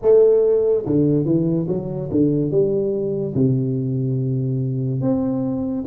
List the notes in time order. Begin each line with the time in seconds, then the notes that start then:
0.02 A3
0.86 D3
1.25 E3
1.68 F#3
2.11 D3
2.50 G3
3.34 C3
5.01 C4